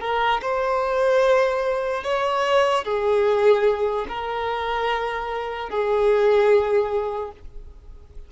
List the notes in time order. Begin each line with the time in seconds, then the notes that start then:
0.00 A#4
0.41 C5
2.03 C#5
2.85 G#4
4.08 A#4
5.69 G#4